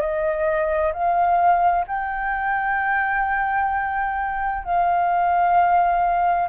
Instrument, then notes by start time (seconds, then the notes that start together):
flute
0.00 D#5
0.93 F5
1.87 G5
4.64 F5